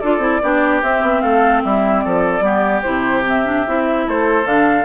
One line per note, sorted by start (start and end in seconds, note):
0.00 0.18 D4
0.00 0.20 F4
0.00 0.41 A4
0.00 0.81 D5
0.18 0.39 C4
0.18 0.41 E4
0.43 0.83 B3
0.43 0.83 D4
0.43 1.22 G4
0.82 1.02 C4
0.82 2.42 C4
0.82 1.21 E5
1.02 1.22 B3
1.21 1.63 A3
1.21 1.63 A4
1.21 1.62 F5
1.64 2.05 G3
1.64 2.04 E4
1.64 2.00 E5
2.00 2.41 F3
2.00 2.44 A4
2.00 2.81 D5
2.41 2.81 G3
2.41 2.83 B3
2.41 4.07 G4
2.82 3.67 C3
2.82 3.24 E4
2.82 3.23 C5
3.26 3.45 C4
3.26 4.09 E5
3.45 3.65 D4
3.67 4.07 C4
3.67 4.44 E4
4.07 4.45 A3
4.07 4.85 A4
4.07 4.47 C5
4.44 4.85 D3
4.44 4.85 D4
4.44 4.85 F5